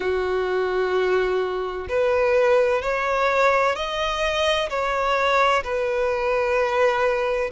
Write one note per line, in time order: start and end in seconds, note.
0.00 1.87 F#4
1.88 2.82 B4
2.82 3.75 C#5
3.75 4.69 D#5
4.69 5.63 C#5
5.63 7.50 B4